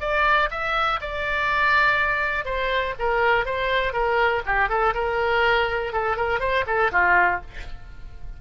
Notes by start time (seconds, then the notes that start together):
0.00 D5
0.51 E5
1.01 D5
2.45 C5
2.99 A#4
3.45 C5
3.93 A#4
4.46 G4
4.69 A4
4.94 A#4
5.93 A4
6.17 A#4
6.40 C5
6.66 A4
6.92 F4